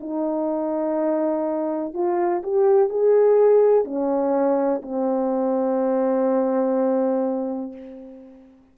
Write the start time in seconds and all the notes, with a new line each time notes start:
0.00 D#4
1.94 F4
2.43 G4
2.89 G#4
3.84 C#4
4.82 C4